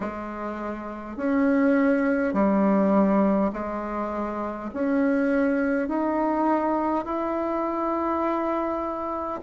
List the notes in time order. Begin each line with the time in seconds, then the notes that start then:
0.00 G#3
1.17 C#4
2.33 G3
3.52 G#3
4.73 C#4
5.88 D#4
7.05 E4